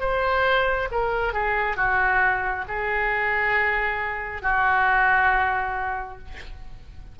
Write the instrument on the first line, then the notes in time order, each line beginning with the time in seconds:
oboe
0.00 C5
0.91 A#4
1.33 G#4
1.76 F#4
2.68 G#4
4.42 F#4